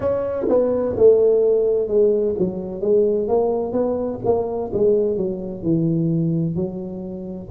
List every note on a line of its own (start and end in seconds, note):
0.00 0.46 C#4
0.49 0.95 B3
0.96 1.87 A3
1.87 2.34 G#3
2.38 2.81 F#3
2.81 3.28 G#3
3.28 3.72 A#3
3.72 4.19 B3
4.24 4.71 A#3
4.73 5.16 G#3
5.16 5.62 F#3
5.62 6.55 E3
6.55 7.49 F#3